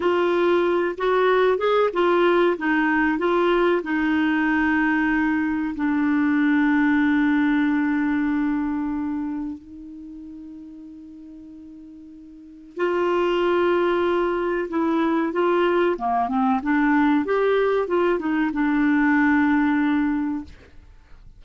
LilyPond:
\new Staff \with { instrumentName = "clarinet" } { \time 4/4 \tempo 4 = 94 f'4. fis'4 gis'8 f'4 | dis'4 f'4 dis'2~ | dis'4 d'2.~ | d'2. dis'4~ |
dis'1 | f'2. e'4 | f'4 ais8 c'8 d'4 g'4 | f'8 dis'8 d'2. | }